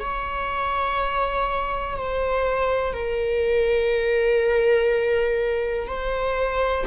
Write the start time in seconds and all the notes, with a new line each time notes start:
0.00 C#5
1.97 C5
2.93 A#4
5.88 C5